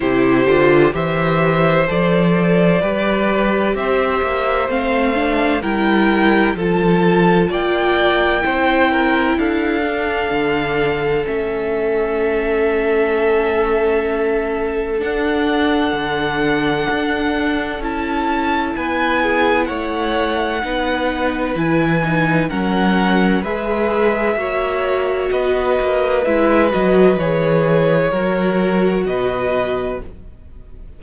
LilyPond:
<<
  \new Staff \with { instrumentName = "violin" } { \time 4/4 \tempo 4 = 64 c''4 e''4 d''2 | e''4 f''4 g''4 a''4 | g''2 f''2 | e''1 |
fis''2. a''4 | gis''4 fis''2 gis''4 | fis''4 e''2 dis''4 | e''8 dis''8 cis''2 dis''4 | }
  \new Staff \with { instrumentName = "violin" } { \time 4/4 g'4 c''2 b'4 | c''2 ais'4 a'4 | d''4 c''8 ais'8 a'2~ | a'1~ |
a'1 | b'8 gis'8 cis''4 b'2 | ais'4 b'4 cis''4 b'4~ | b'2 ais'4 b'4 | }
  \new Staff \with { instrumentName = "viola" } { \time 4/4 e'8 f'8 g'4 a'4 g'4~ | g'4 c'8 d'8 e'4 f'4~ | f'4 e'4. d'4. | cis'1 |
d'2. e'4~ | e'2 dis'4 e'8 dis'8 | cis'4 gis'4 fis'2 | e'8 fis'8 gis'4 fis'2 | }
  \new Staff \with { instrumentName = "cello" } { \time 4/4 c8 d8 e4 f4 g4 | c'8 ais8 a4 g4 f4 | ais4 c'4 d'4 d4 | a1 |
d'4 d4 d'4 cis'4 | b4 a4 b4 e4 | fis4 gis4 ais4 b8 ais8 | gis8 fis8 e4 fis4 b,4 | }
>>